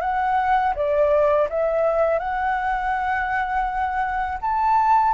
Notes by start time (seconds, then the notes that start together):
0.00 F#5
0.75 D5
1.49 E5
2.19 F#5
4.41 A5